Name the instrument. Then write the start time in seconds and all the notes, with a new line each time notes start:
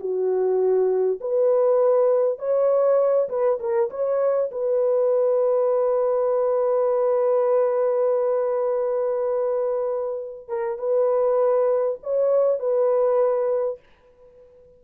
horn
0.00 F#4
1.21 B4
2.39 C#5
3.29 B4
3.60 A#4
3.90 C#5
4.51 B4
10.48 A#4
10.79 B4
12.03 C#5
12.59 B4